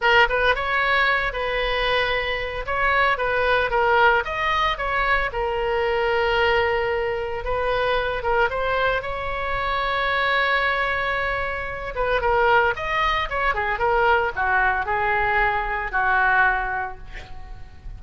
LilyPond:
\new Staff \with { instrumentName = "oboe" } { \time 4/4 \tempo 4 = 113 ais'8 b'8 cis''4. b'4.~ | b'4 cis''4 b'4 ais'4 | dis''4 cis''4 ais'2~ | ais'2 b'4. ais'8 |
c''4 cis''2.~ | cis''2~ cis''8 b'8 ais'4 | dis''4 cis''8 gis'8 ais'4 fis'4 | gis'2 fis'2 | }